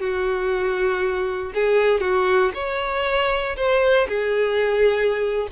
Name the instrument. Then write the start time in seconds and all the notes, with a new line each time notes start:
violin
0.00 F#4
1.54 G#4
2.01 F#4
2.54 C#5
3.56 C5
4.08 G#4